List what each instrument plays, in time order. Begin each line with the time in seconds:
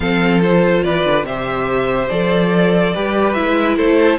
0.00 cello F3, viola C4, violin A4 F5
0.42 viola F4, violin C5
0.83 cello E3, violin B4 D5
1.04 cello D3
1.23 cello C3, viola G4, violin C5 E5
2.09 cello F3, viola A4, violin D5
2.93 cello G3, viola G4, violin B4
3.33 viola E4, violin E5
3.39 cello G#3
3.76 cello A3, violin A4 C5